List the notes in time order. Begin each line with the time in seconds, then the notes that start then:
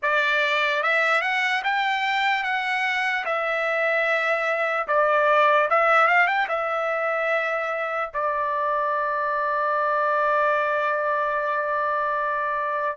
0.02 D5
0.82 E5
1.21 F#5
1.64 G5
2.43 F#5
3.25 E5
4.87 D5
5.70 E5
6.07 F5
6.27 G5
6.48 E5
8.13 D5